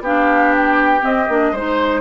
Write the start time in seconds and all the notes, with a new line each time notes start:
0.00 B3 D4 G4 F5
0.57 G5
1.01 C4 D#5
1.28 A#3 D4
1.52 G#3 D#4 C5